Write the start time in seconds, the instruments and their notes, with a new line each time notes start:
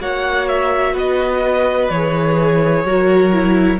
0.00 cello A#3, viola F#4, violin C#5 F#5
0.48 violin E5
0.93 cello B3, violin B4 D#5
1.89 cello E3, viola G#4, violin C#5
2.84 cello F#3, viola F#4, violin A#4
3.33 viola E4